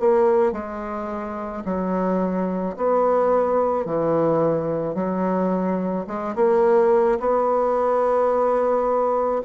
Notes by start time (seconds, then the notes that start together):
0.00 A#3
0.52 G#3
1.65 F#3
2.76 B3
3.85 E3
4.94 F#3
6.07 G#3
6.35 A#3
7.20 B3